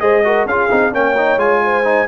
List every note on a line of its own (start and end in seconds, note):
0.00 0.45 G#3
0.00 0.23 G#4
0.00 0.24 C5
0.00 0.46 D#5
0.24 0.47 F#4
0.24 0.47 A#4
0.45 0.69 C#4
0.45 0.70 F4
0.45 0.93 G#4
0.45 0.94 F5
0.70 0.94 C4
0.70 0.92 D#4
0.92 1.37 A#3
0.92 1.15 C#4
0.92 1.62 C#5
0.92 1.39 G5
1.17 1.39 D#4
1.37 2.06 G#3
1.37 1.84 F4
1.37 2.07 G#5
1.64 2.07 C5
1.84 2.07 D#4